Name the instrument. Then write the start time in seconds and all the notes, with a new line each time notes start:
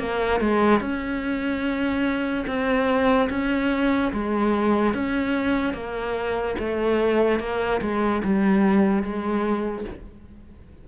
cello
0.00 A#3
0.41 G#3
0.81 C#4
2.47 C4
3.30 C#4
4.14 G#3
4.95 C#4
5.74 A#3
6.59 A3
7.40 A#3
7.82 G#3
8.25 G3
9.03 G#3